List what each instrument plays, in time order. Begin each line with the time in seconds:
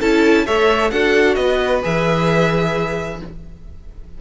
0.00 cello C#4, viola E4, violin A4 A5
0.46 cello A3, viola A4, violin C#5 E5
0.91 cello D4, viola F#4, violin A4 F#5
1.35 cello B3, violin B4 D#5
1.82 cello E3, viola G#4, violin E5